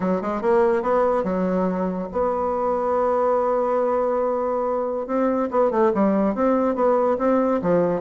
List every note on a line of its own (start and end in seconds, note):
0.00 0.21 F#3
0.21 0.41 G#3
0.41 0.82 A#3
0.82 1.23 B3
1.23 2.08 F#3
2.11 5.06 B3
5.06 5.49 C4
5.50 5.71 B3
5.71 5.92 A3
5.94 6.35 G3
6.35 6.75 C4
6.75 7.17 B3
7.18 7.60 C4
7.62 8.01 F3